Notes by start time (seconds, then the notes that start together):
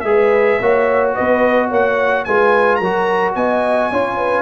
0.00 G#3 G#4 E5
0.06 B4
0.60 A#3 F#4 C#5
1.14 B3 B4 D#5
1.68 A#3 C#5 F#5
2.24 G#3 F4 B4 G#5
2.76 F#3 A#4 A#5
2.83 F#4
3.35 B3 D#5 G#5
3.91 C#4 F4 C#5
4.17 B4